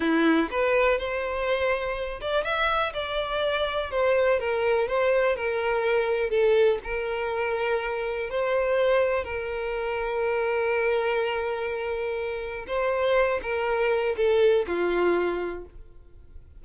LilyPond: \new Staff \with { instrumentName = "violin" } { \time 4/4 \tempo 4 = 123 e'4 b'4 c''2~ | c''8 d''8 e''4 d''2 | c''4 ais'4 c''4 ais'4~ | ais'4 a'4 ais'2~ |
ais'4 c''2 ais'4~ | ais'1~ | ais'2 c''4. ais'8~ | ais'4 a'4 f'2 | }